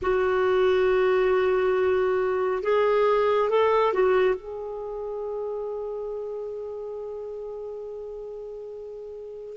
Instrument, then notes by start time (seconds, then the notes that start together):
clarinet
0.02 F#4
2.62 G#4
3.49 A4
3.93 F#4
4.35 G#4